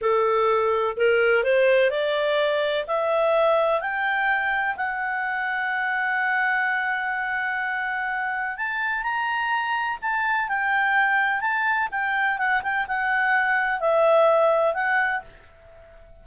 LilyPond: \new Staff \with { instrumentName = "clarinet" } { \time 4/4 \tempo 4 = 126 a'2 ais'4 c''4 | d''2 e''2 | g''2 fis''2~ | fis''1~ |
fis''2 a''4 ais''4~ | ais''4 a''4 g''2 | a''4 g''4 fis''8 g''8 fis''4~ | fis''4 e''2 fis''4 | }